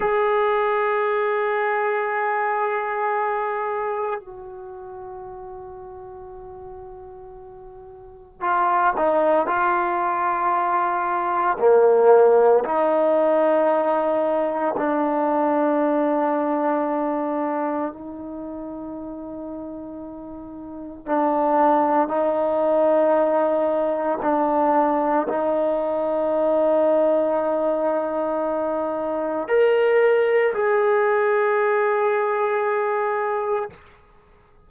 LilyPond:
\new Staff \with { instrumentName = "trombone" } { \time 4/4 \tempo 4 = 57 gis'1 | fis'1 | f'8 dis'8 f'2 ais4 | dis'2 d'2~ |
d'4 dis'2. | d'4 dis'2 d'4 | dis'1 | ais'4 gis'2. | }